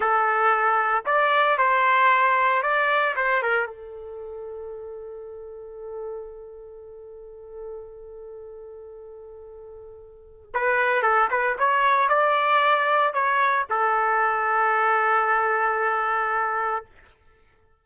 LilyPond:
\new Staff \with { instrumentName = "trumpet" } { \time 4/4 \tempo 4 = 114 a'2 d''4 c''4~ | c''4 d''4 c''8 ais'8 a'4~ | a'1~ | a'1~ |
a'1 | b'4 a'8 b'8 cis''4 d''4~ | d''4 cis''4 a'2~ | a'1 | }